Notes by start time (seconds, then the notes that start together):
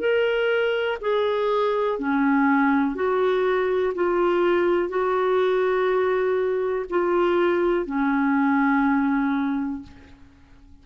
0.00 A#4
1.01 G#4
1.99 C#4
2.96 F#4
3.95 F4
4.89 F#4
6.90 F4
7.86 C#4